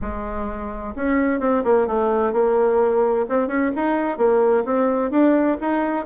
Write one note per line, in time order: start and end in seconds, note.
0.01 0.94 G#3
0.95 1.40 C#4
1.40 1.63 C4
1.64 1.87 A#3
1.87 2.33 A3
2.33 3.26 A#3
3.29 3.47 C4
3.47 3.71 C#4
3.75 4.17 D#4
4.17 4.64 A#3
4.64 5.10 C4
5.10 5.57 D4
5.60 6.05 D#4